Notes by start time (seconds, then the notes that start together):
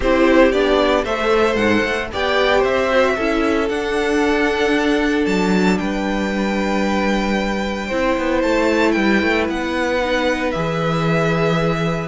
0.00 C4 E4 G4 C5
0.51 B3 D4 D5
1.04 A3 A4 C5 E5
1.55 G#2 F#5
1.83 A3
2.12 B3 G4 D5 G5
2.59 C4 C5 E5
2.91 F#4
3.15 C#4 E4 A4
3.68 D4 F#5
5.25 F#3 A5
5.78 G3 B4 G5
7.87 C4 E4 C5
8.17 B3
8.42 A3 A5
8.91 G3 B4 G5
9.22 A3
9.48 B3 F#5
10.01 D#4
10.51 E3 G#4 E5